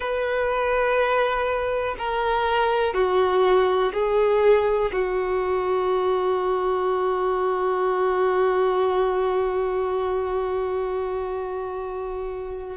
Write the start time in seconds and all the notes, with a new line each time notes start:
0.00 B4
1.98 A#4
2.93 F#4
3.93 G#4
4.92 F#4